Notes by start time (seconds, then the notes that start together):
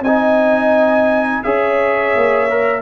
0.00 C4 D#4 D#5 G#5
1.43 C#4 G#4 C#5 E5
2.15 A#3
2.49 A#4